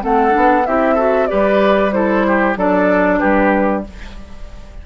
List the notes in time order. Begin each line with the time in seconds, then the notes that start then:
0.00 A3 C4 A4 F#5
0.30 B3 D4
0.66 C4 E4 G4 E5
0.95 F#4 A4
1.27 G3 G4 B4 D5
1.92 E4 A4 C5
2.27 G4
2.57 F#3 D4 A4 D5
3.20 G3 G4 B4